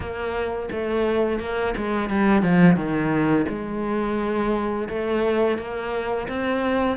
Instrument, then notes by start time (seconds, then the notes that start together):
cello
0.00 A#3
0.71 A3
1.39 A#3
1.76 G#3
2.09 G3
2.42 F3
2.76 D#3
3.49 G#3
4.88 A3
5.58 A#3
6.28 C4